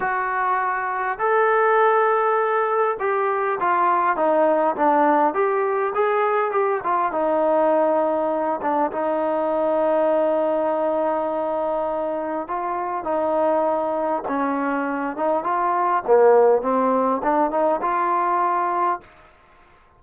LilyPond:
\new Staff \with { instrumentName = "trombone" } { \time 4/4 \tempo 4 = 101 fis'2 a'2~ | a'4 g'4 f'4 dis'4 | d'4 g'4 gis'4 g'8 f'8 | dis'2~ dis'8 d'8 dis'4~ |
dis'1~ | dis'4 f'4 dis'2 | cis'4. dis'8 f'4 ais4 | c'4 d'8 dis'8 f'2 | }